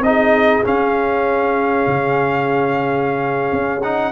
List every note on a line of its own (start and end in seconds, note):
0.00 0.61 C4
0.00 0.64 D#4
0.00 0.64 D#5
0.07 4.12 G#4
0.64 3.82 C#4
0.64 1.87 C#4
0.64 3.83 F5
1.87 3.53 C#3
3.53 4.12 C#4
3.83 4.12 D#4
3.83 4.12 F#5